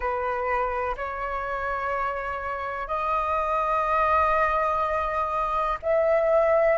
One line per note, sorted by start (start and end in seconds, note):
0.00 0.95 B4
0.96 2.87 C#5
2.87 5.78 D#5
5.82 6.77 E5